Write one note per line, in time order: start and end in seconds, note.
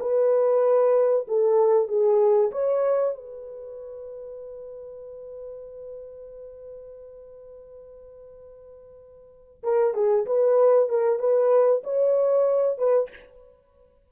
0.00 1.26 B4
1.28 1.88 A4
1.88 2.51 G#4
2.51 3.15 C#5
3.15 9.62 B4
9.63 9.94 A#4
9.94 10.25 G#4
10.26 10.89 B4
10.89 11.19 A#4
11.19 11.82 B4
11.84 12.78 C#5
12.78 13.09 B4